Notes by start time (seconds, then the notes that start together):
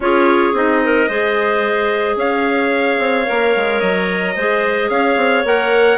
0.00 C#4 F4 G#4 C#5
0.52 C4 D#4 D#5
0.84 A#4
1.08 G#3 G#4 C5
2.15 C#4 C#5 F5
2.99 C4
3.26 A#3 A#4
3.56 G#3
3.80 F#3 D#5
4.34 G#3 G#4 C5
4.89 C#4 C#5 F5
5.16 C4
5.44 A#3 A#4 F#5